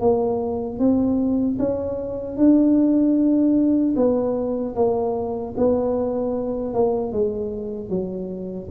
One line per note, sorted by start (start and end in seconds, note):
0.00 0.79 A#3
0.79 1.58 C4
1.59 2.36 C#4
2.36 3.94 D4
3.96 4.75 B3
4.75 5.54 A#3
5.57 6.74 B3
6.74 7.12 A#3
7.12 7.89 G#3
7.89 8.68 F#3